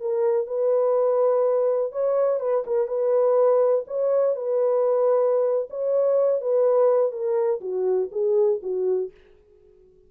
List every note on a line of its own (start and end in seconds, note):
0.00 0.46 A#4
0.46 1.92 B4
1.92 2.40 C#5
2.40 2.64 B4
2.66 2.87 A#4
2.87 3.84 B4
3.87 4.35 C#5
4.35 5.68 B4
5.70 6.41 C#5
6.41 7.12 B4
7.12 7.60 A#4
7.60 8.09 F#4
8.11 8.59 G#4
8.62 9.10 F#4